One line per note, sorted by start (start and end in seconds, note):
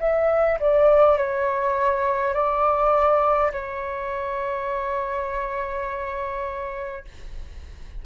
0.00 0.59 E5
0.60 1.18 D5
1.18 2.34 C#5
2.34 3.51 D5
3.52 7.05 C#5